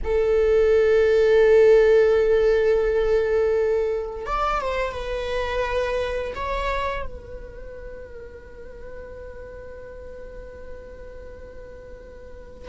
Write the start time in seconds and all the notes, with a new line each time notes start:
0.04 A4
4.25 D5
4.61 C5
4.92 B4
6.35 C#5
7.05 B4